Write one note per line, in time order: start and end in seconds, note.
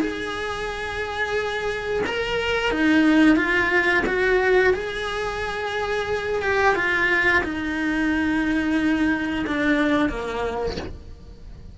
0.00 2.02 G#4
2.06 2.71 A#4
2.71 3.36 D#4
3.36 4.03 F4
4.06 4.73 F#4
4.73 6.41 G#4
6.41 6.75 G4
6.75 7.42 F4
7.43 9.45 D#4
9.46 10.09 D4
10.09 10.76 A#3